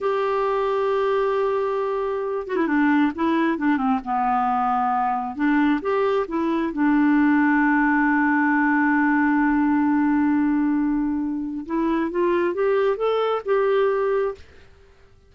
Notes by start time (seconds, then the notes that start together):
0.00 G4
2.47 F#4
2.56 E4
2.67 D4
3.15 E4
3.58 D4
3.77 C4
4.04 B3
5.35 D4
5.81 G4
6.28 E4
6.73 D4
11.65 E4
12.11 F4
12.54 G4
12.96 A4
13.45 G4